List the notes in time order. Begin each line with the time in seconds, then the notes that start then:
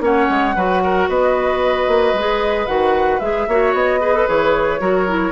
0.00 A#3 C#4 C#5 F#5
0.29 G#3
0.55 F#3 F#4 B4
0.83 A#4
1.08 B3 B4 D#5
1.87 A#3
2.13 G#3 G#4
2.66 D#3 F#4 F#5
3.19 G#3 G#4 E5
3.47 A#3 F#4 C#5
3.73 B3 D#5
4.00 G#4 B4
4.14 A4
4.27 E3 G#4 C#5
4.79 F#3 F#4 A#4
5.07 E4